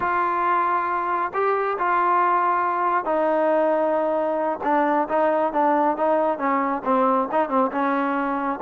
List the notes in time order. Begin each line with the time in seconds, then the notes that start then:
0.00 F4
1.33 G4
1.78 F4
3.04 D#4
4.63 D4
5.08 D#4
5.52 D4
5.96 D#4
6.38 C#4
6.84 C4
7.31 D#4
7.48 C4
7.71 C#4